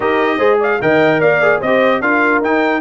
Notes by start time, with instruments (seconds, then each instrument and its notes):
0.00 tuba D#4, trombone G4, horn A#4, trumpet D#5
0.37 tuba G#3, trombone G#4, horn C5
0.59 horn D5, trumpet F5
0.81 tuba D#3, trombone A#4, horn D#5, trumpet G5
1.20 tuba A#3, horn D5, trumpet F5
1.42 trombone G#4
1.60 tuba C4, trombone G4, horn C5, trumpet D#5
2.00 tuba D4, trombone F4, horn A#4, trumpet F5
2.41 tuba D#4, trombone D#4, trumpet G5